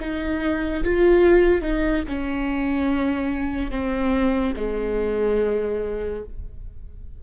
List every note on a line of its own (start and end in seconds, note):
0.00 0.83 D#4
0.84 1.62 F4
1.62 2.03 D#4
2.08 3.71 C#4
3.71 4.54 C4
4.56 6.23 G#3